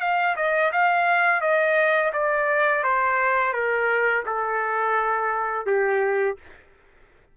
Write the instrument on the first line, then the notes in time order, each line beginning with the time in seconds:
trumpet
0.00 F5
0.36 D#5
0.72 F5
1.41 D#5
2.13 D5
2.83 C5
3.53 A#4
4.26 A4
5.66 G4